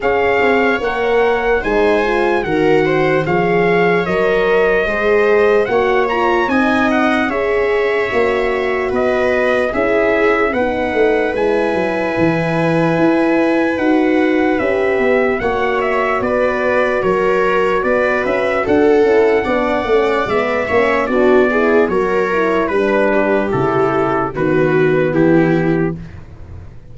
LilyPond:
<<
  \new Staff \with { instrumentName = "trumpet" } { \time 4/4 \tempo 4 = 74 f''4 fis''4 gis''4 fis''4 | f''4 dis''2 fis''8 ais''8 | gis''8 fis''8 e''2 dis''4 | e''4 fis''4 gis''2~ |
gis''4 fis''4 e''4 fis''8 e''8 | d''4 cis''4 d''8 e''8 fis''4~ | fis''4 e''4 d''4 cis''4 | b'4 a'4 b'4 g'4 | }
  \new Staff \with { instrumentName = "viola" } { \time 4/4 cis''2 c''4 ais'8 c''8 | cis''2 c''4 cis''4 | dis''4 cis''2 b'4 | gis'4 b'2.~ |
b'2. cis''4 | b'4 ais'4 b'4 a'4 | d''4. cis''8 fis'8 gis'8 ais'4 | b'8 g'4. fis'4 e'4 | }
  \new Staff \with { instrumentName = "horn" } { \time 4/4 gis'4 ais'4 dis'8 f'8 fis'4 | gis'4 ais'4 gis'4 fis'8 f'8 | dis'4 gis'4 fis'2 | e'4 dis'4 e'2~ |
e'4 fis'4 g'4 fis'4~ | fis'2.~ fis'8 e'8 | d'8 cis'8 b8 cis'8 d'8 e'8 fis'8 e'8 | d'4 e'4 b2 | }
  \new Staff \with { instrumentName = "tuba" } { \time 4/4 cis'8 c'8 ais4 gis4 dis4 | f4 fis4 gis4 ais4 | c'4 cis'4 ais4 b4 | cis'4 b8 a8 gis8 fis8 e4 |
e'4 dis'4 cis'8 b8 ais4 | b4 fis4 b8 cis'8 d'8 cis'8 | b8 a8 gis8 ais8 b4 fis4 | g4 cis4 dis4 e4 | }
>>